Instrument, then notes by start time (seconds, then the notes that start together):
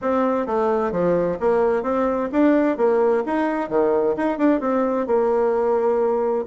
bassoon
0.01 C4
0.46 A3
0.91 F3
1.40 A#3
1.83 C4
2.32 D4
2.77 A#3
3.25 D#4
3.69 D#3
4.16 D#4
4.37 D4
4.60 C4
5.06 A#3